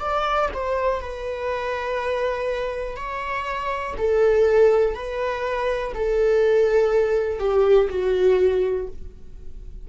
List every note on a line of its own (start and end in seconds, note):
0.00 0.49 D5
0.54 1.01 C5
1.01 2.96 B4
2.96 3.95 C#5
3.98 4.95 A4
4.95 5.93 B4
5.95 7.39 A4
7.39 7.89 G4
7.90 8.88 F#4